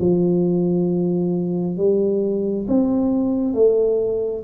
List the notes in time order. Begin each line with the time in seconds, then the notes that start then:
0.00 F3
1.77 G3
2.68 C4
3.54 A3